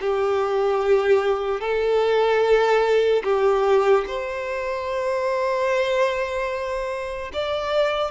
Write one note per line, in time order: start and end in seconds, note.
0.00 1.60 G4
1.60 3.22 A4
3.24 4.05 G4
4.07 7.31 C5
7.33 8.11 D5